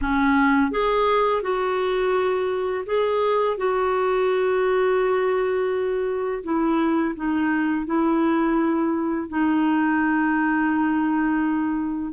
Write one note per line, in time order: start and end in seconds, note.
0.01 0.71 C#4
0.71 1.42 G#4
1.42 2.84 F#4
2.86 3.57 G#4
3.57 6.43 F#4
6.43 7.14 E4
7.15 7.86 D#4
7.86 9.29 E4
9.29 12.12 D#4